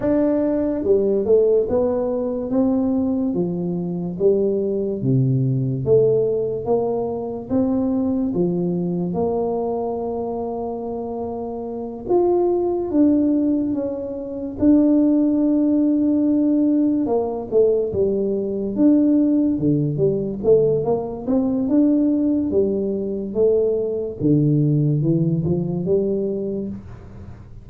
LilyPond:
\new Staff \with { instrumentName = "tuba" } { \time 4/4 \tempo 4 = 72 d'4 g8 a8 b4 c'4 | f4 g4 c4 a4 | ais4 c'4 f4 ais4~ | ais2~ ais8 f'4 d'8~ |
d'8 cis'4 d'2~ d'8~ | d'8 ais8 a8 g4 d'4 d8 | g8 a8 ais8 c'8 d'4 g4 | a4 d4 e8 f8 g4 | }